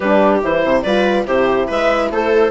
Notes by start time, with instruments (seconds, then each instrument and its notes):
0.00 bassoon G3, horn D4, viola G4, clarinet B4
0.42 bassoon E3, horn E4, clarinet C5
0.64 bassoon C3, viola C5
0.81 bassoon G3, horn F4, viola B4, clarinet D5
1.25 bassoon C3, horn E4, viola G4, clarinet C5
1.67 bassoon G#3, viola B4, clarinet E5
2.10 bassoon A3, viola A4, clarinet C5